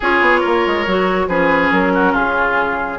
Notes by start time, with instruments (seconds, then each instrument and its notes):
0.00 bassoon C#4, clarinet F4, oboe G#4, flute C#5
0.20 bassoon B3
0.40 bassoon A#3, oboe A#4
0.66 bassoon G#3
0.86 bassoon F#3, clarinet F#4
1.27 bassoon F3, clarinet C#4, oboe G#4, flute B4
1.71 bassoon F#3, flute A#4
1.94 oboe F#4
2.12 bassoon C#3, oboe F4, flute G#4